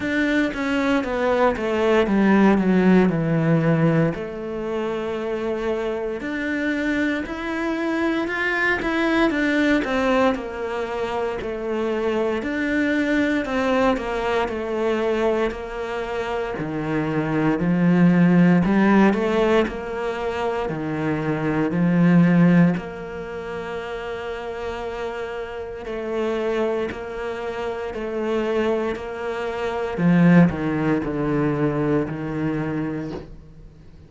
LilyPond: \new Staff \with { instrumentName = "cello" } { \time 4/4 \tempo 4 = 58 d'8 cis'8 b8 a8 g8 fis8 e4 | a2 d'4 e'4 | f'8 e'8 d'8 c'8 ais4 a4 | d'4 c'8 ais8 a4 ais4 |
dis4 f4 g8 a8 ais4 | dis4 f4 ais2~ | ais4 a4 ais4 a4 | ais4 f8 dis8 d4 dis4 | }